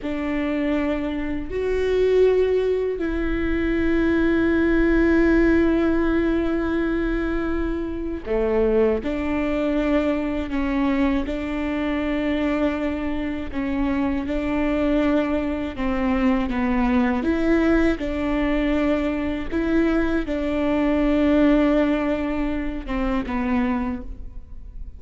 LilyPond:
\new Staff \with { instrumentName = "viola" } { \time 4/4 \tempo 4 = 80 d'2 fis'2 | e'1~ | e'2. a4 | d'2 cis'4 d'4~ |
d'2 cis'4 d'4~ | d'4 c'4 b4 e'4 | d'2 e'4 d'4~ | d'2~ d'8 c'8 b4 | }